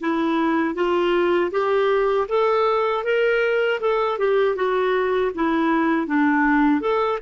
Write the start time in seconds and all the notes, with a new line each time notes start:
0.00 E4
0.75 F4
1.51 G4
2.28 A4
3.03 A#4
3.80 A4
4.18 G4
4.55 F#4
5.35 E4
6.07 D4
6.81 A4